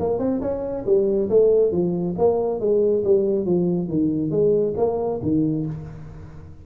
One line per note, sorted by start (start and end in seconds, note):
0.00 0.19 A#3
0.19 0.41 C4
0.42 0.85 C#4
0.86 1.30 G3
1.30 1.72 A3
1.72 2.15 F3
2.18 2.60 A#3
2.60 3.04 G#3
3.05 3.45 G3
3.45 3.89 F3
3.89 4.31 D#3
4.31 4.75 G#3
4.77 5.21 A#3
5.23 5.66 D#3